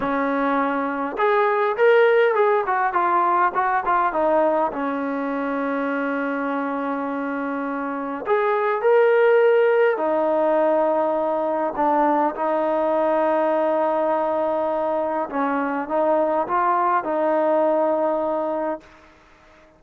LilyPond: \new Staff \with { instrumentName = "trombone" } { \time 4/4 \tempo 4 = 102 cis'2 gis'4 ais'4 | gis'8 fis'8 f'4 fis'8 f'8 dis'4 | cis'1~ | cis'2 gis'4 ais'4~ |
ais'4 dis'2. | d'4 dis'2.~ | dis'2 cis'4 dis'4 | f'4 dis'2. | }